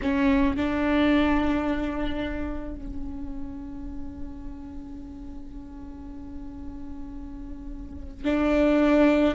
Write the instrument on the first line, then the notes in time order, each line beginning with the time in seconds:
viola
0.02 C#4
0.56 D4
2.75 C#4
8.24 D4